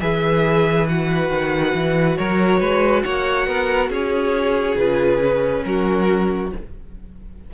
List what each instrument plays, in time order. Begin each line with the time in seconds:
0.00 cello E3, viola G#4, violin B4 E5
0.89 viola F#4, violin F#5
1.30 cello D#3
1.74 cello E3
2.18 cello F#3, violin A#4 C#5
2.60 cello G#3, violin B4
3.03 cello A#3, violin C#5 F#5
3.47 cello B3, violin A#4
3.90 cello C#4, violin G#4 C#5
4.76 cello C#3, viola F4, violin B4
5.22 viola C#4
5.64 cello F#3, violin F#4 A#4